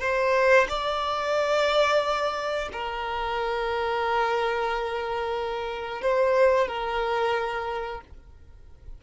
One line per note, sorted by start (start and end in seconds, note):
0.00 0.67 C5
0.68 2.68 D5
2.72 6.01 A#4
6.01 6.67 C5
6.67 8.01 A#4